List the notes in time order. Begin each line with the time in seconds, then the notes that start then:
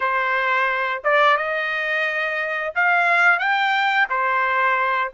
0.00 C5
1.04 D5
1.37 D#5
2.75 F5
3.39 G5
4.09 C5